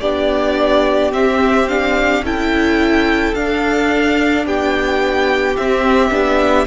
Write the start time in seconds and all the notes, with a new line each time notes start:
0.00 B3 D4 G4 D5
1.12 C4 E5
1.68 D4 F5
2.21 C#4 E4 A4 G5
3.34 D4 F5
4.45 B3 G4 G5
5.56 C4 E5
6.10 B3 D4